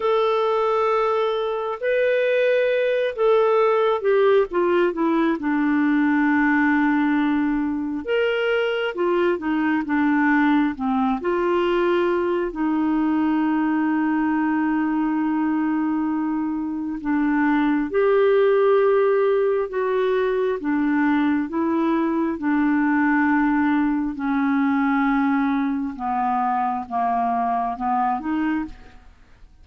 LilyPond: \new Staff \with { instrumentName = "clarinet" } { \time 4/4 \tempo 4 = 67 a'2 b'4. a'8~ | a'8 g'8 f'8 e'8 d'2~ | d'4 ais'4 f'8 dis'8 d'4 | c'8 f'4. dis'2~ |
dis'2. d'4 | g'2 fis'4 d'4 | e'4 d'2 cis'4~ | cis'4 b4 ais4 b8 dis'8 | }